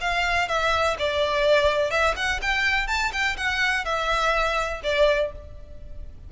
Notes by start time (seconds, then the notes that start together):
0.00 F5
0.48 E5
0.98 D5
1.90 E5
2.16 F#5
2.41 G5
2.87 A5
3.12 G5
3.37 F#5
3.84 E5
4.83 D5